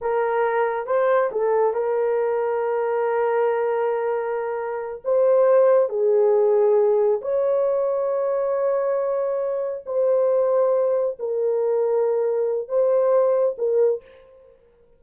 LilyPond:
\new Staff \with { instrumentName = "horn" } { \time 4/4 \tempo 4 = 137 ais'2 c''4 a'4 | ais'1~ | ais'2.~ ais'8 c''8~ | c''4. gis'2~ gis'8~ |
gis'8 cis''2.~ cis''8~ | cis''2~ cis''8 c''4.~ | c''4. ais'2~ ais'8~ | ais'4 c''2 ais'4 | }